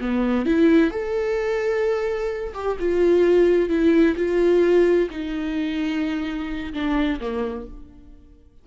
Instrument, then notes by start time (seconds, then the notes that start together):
viola
0.00 B3
0.46 E4
0.90 A4
2.53 G4
2.79 F4
3.69 E4
4.16 F4
5.10 D#4
6.73 D4
7.20 A#3